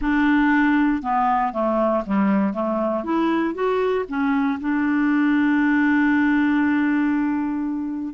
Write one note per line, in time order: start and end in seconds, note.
0.01 1.02 D4
1.02 1.52 B3
1.52 2.03 A3
2.05 2.53 G3
2.53 3.04 A3
3.04 3.54 E4
3.54 4.05 F#4
4.08 4.59 C#4
4.60 8.14 D4